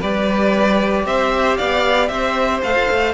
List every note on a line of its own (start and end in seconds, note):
0.00 1.06 G3
0.00 2.62 G4
0.00 1.04 B4
0.00 1.06 D5
1.06 1.58 C4
1.06 1.57 C5
1.06 1.57 E5
1.57 2.09 B3
1.57 2.09 D5
1.57 2.08 F5
2.08 2.61 C4
2.08 3.14 C5
2.08 2.60 E5
2.62 2.75 A3
2.62 3.14 A4
2.62 3.14 F5
2.75 2.88 F4
2.91 3.14 A3